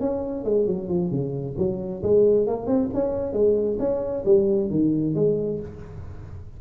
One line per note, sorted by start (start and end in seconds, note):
0.00 0.44 C#4
0.44 0.67 G#3
0.67 0.88 F#3
0.88 1.11 F3
1.11 1.55 C#3
1.57 2.02 F#3
2.03 2.46 G#3
2.46 2.67 A#3
2.67 2.89 C4
2.94 3.33 C#4
3.33 3.77 G#3
3.79 4.24 C#4
4.25 4.70 G3
4.70 5.15 D#3
5.15 5.59 G#3